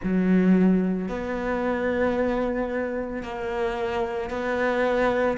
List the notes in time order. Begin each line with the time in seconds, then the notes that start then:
0.03 F#3
1.08 B3
3.22 A#3
4.30 B3